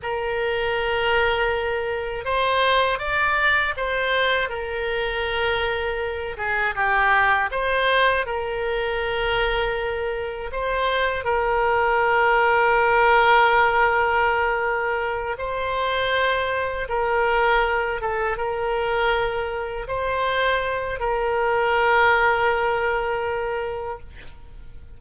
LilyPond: \new Staff \with { instrumentName = "oboe" } { \time 4/4 \tempo 4 = 80 ais'2. c''4 | d''4 c''4 ais'2~ | ais'8 gis'8 g'4 c''4 ais'4~ | ais'2 c''4 ais'4~ |
ais'1~ | ais'8 c''2 ais'4. | a'8 ais'2 c''4. | ais'1 | }